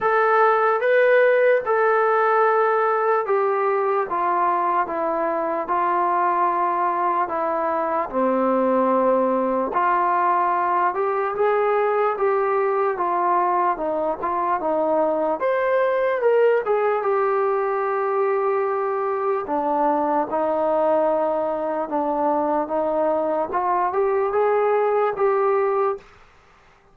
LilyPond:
\new Staff \with { instrumentName = "trombone" } { \time 4/4 \tempo 4 = 74 a'4 b'4 a'2 | g'4 f'4 e'4 f'4~ | f'4 e'4 c'2 | f'4. g'8 gis'4 g'4 |
f'4 dis'8 f'8 dis'4 c''4 | ais'8 gis'8 g'2. | d'4 dis'2 d'4 | dis'4 f'8 g'8 gis'4 g'4 | }